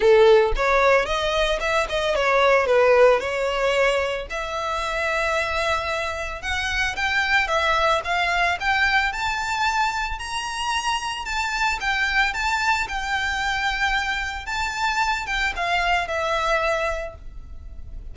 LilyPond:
\new Staff \with { instrumentName = "violin" } { \time 4/4 \tempo 4 = 112 a'4 cis''4 dis''4 e''8 dis''8 | cis''4 b'4 cis''2 | e''1 | fis''4 g''4 e''4 f''4 |
g''4 a''2 ais''4~ | ais''4 a''4 g''4 a''4 | g''2. a''4~ | a''8 g''8 f''4 e''2 | }